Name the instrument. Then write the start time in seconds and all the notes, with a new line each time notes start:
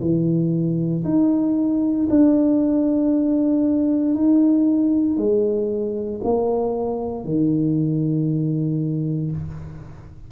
tuba
0.00 E3
1.04 D#4
2.10 D4
4.14 D#4
5.17 G#3
6.24 A#3
7.25 D#3